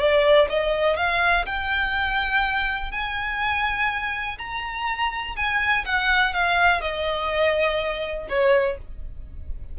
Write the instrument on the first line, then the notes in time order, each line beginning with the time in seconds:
violin
0.00 D5
0.49 D#5
0.96 F5
1.46 G5
2.91 G#5
4.38 A#5
5.36 G#5
5.86 F#5
6.33 F5
6.81 D#5
8.29 C#5